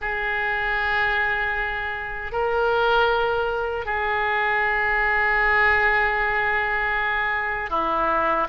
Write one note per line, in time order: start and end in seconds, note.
0.01 2.31 G#4
2.31 3.85 A#4
3.85 7.70 G#4
7.70 8.47 E4